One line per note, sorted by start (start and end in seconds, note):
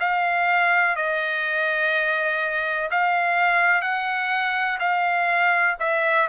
0.00 0.96 F5
0.96 2.90 D#5
2.91 3.82 F5
3.82 4.79 F#5
4.79 5.76 F5
5.79 6.28 E5